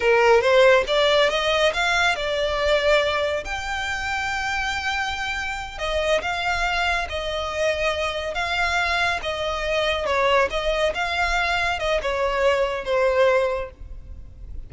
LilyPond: \new Staff \with { instrumentName = "violin" } { \time 4/4 \tempo 4 = 140 ais'4 c''4 d''4 dis''4 | f''4 d''2. | g''1~ | g''4. dis''4 f''4.~ |
f''8 dis''2. f''8~ | f''4. dis''2 cis''8~ | cis''8 dis''4 f''2 dis''8 | cis''2 c''2 | }